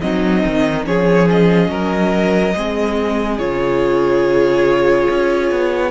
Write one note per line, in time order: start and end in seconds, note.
0.00 0.45 F#3
0.00 0.84 C4
0.00 0.86 D#4
0.00 0.85 D#5
0.46 0.86 D#3
0.84 1.69 F3
0.84 2.53 C#4
0.84 1.71 G#4
0.84 1.28 C#5
1.30 3.38 D#5
1.69 2.54 F#3
1.69 2.55 A#4
2.55 3.39 G#3
2.55 3.39 C4
2.55 5.90 G#4
3.38 5.08 C#3
3.38 5.90 F4
3.38 5.90 C#5
5.10 5.51 C#4
5.51 5.90 B3